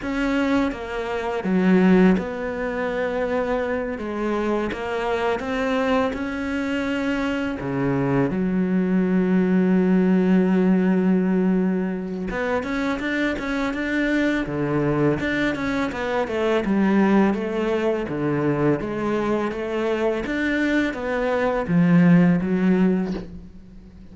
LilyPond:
\new Staff \with { instrumentName = "cello" } { \time 4/4 \tempo 4 = 83 cis'4 ais4 fis4 b4~ | b4. gis4 ais4 c'8~ | c'8 cis'2 cis4 fis8~ | fis1~ |
fis4 b8 cis'8 d'8 cis'8 d'4 | d4 d'8 cis'8 b8 a8 g4 | a4 d4 gis4 a4 | d'4 b4 f4 fis4 | }